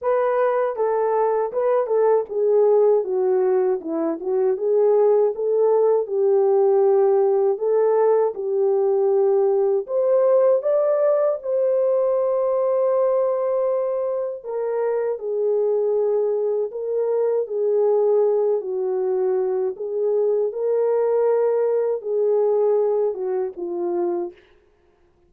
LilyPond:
\new Staff \with { instrumentName = "horn" } { \time 4/4 \tempo 4 = 79 b'4 a'4 b'8 a'8 gis'4 | fis'4 e'8 fis'8 gis'4 a'4 | g'2 a'4 g'4~ | g'4 c''4 d''4 c''4~ |
c''2. ais'4 | gis'2 ais'4 gis'4~ | gis'8 fis'4. gis'4 ais'4~ | ais'4 gis'4. fis'8 f'4 | }